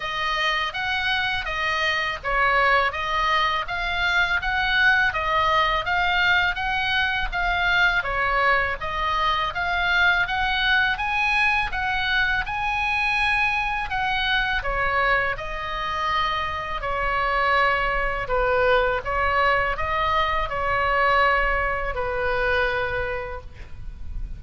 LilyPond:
\new Staff \with { instrumentName = "oboe" } { \time 4/4 \tempo 4 = 82 dis''4 fis''4 dis''4 cis''4 | dis''4 f''4 fis''4 dis''4 | f''4 fis''4 f''4 cis''4 | dis''4 f''4 fis''4 gis''4 |
fis''4 gis''2 fis''4 | cis''4 dis''2 cis''4~ | cis''4 b'4 cis''4 dis''4 | cis''2 b'2 | }